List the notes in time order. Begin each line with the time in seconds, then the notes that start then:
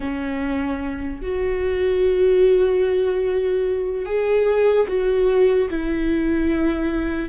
0.00 C#4
1.22 F#4
4.05 G#4
4.87 F#4
5.69 E4